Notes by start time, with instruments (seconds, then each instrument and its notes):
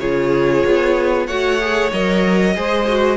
0.00 cello C#3, viola F4, violin G#4 C#5
0.65 cello B3
1.27 cello A3, viola F#4, violin C#5 F#5
1.61 viola G#4
1.92 cello F#3, viola A#4, violin D#5
2.55 cello G#3, viola G#4, violin C5
2.89 viola F#4